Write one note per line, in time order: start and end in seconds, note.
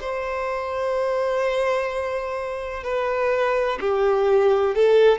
0.00 2.83 C5
2.83 3.78 B4
3.81 4.75 G4
4.75 5.18 A4